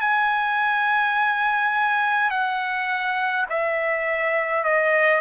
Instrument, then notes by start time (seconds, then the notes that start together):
trumpet
0.00 G#5
2.30 F#5
3.49 E5
4.64 D#5